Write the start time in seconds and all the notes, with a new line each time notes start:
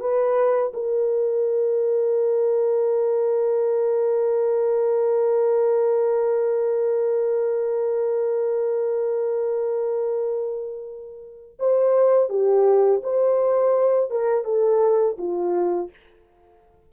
0.00 B4
0.74 A#4
11.59 C5
12.29 G4
13.04 C5
14.10 A#4
14.44 A4
15.18 F4